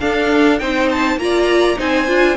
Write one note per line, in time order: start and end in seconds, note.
0.00 0.60 D4
0.00 0.61 D4
0.00 0.60 A4
0.00 0.59 F5
0.59 1.18 C4
0.59 1.20 D#4
0.59 1.20 C5
0.59 0.89 G5
0.91 1.19 A5
1.18 1.77 A#3
1.18 1.77 F4
1.18 1.78 A#5
1.24 1.78 D5
1.77 2.08 C4
1.77 2.06 D#4
1.77 2.37 C5
1.77 2.37 G#5
2.07 2.37 D4
2.07 2.37 F4